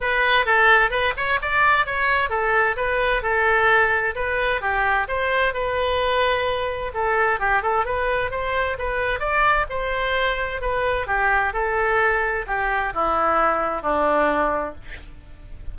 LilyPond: \new Staff \with { instrumentName = "oboe" } { \time 4/4 \tempo 4 = 130 b'4 a'4 b'8 cis''8 d''4 | cis''4 a'4 b'4 a'4~ | a'4 b'4 g'4 c''4 | b'2. a'4 |
g'8 a'8 b'4 c''4 b'4 | d''4 c''2 b'4 | g'4 a'2 g'4 | e'2 d'2 | }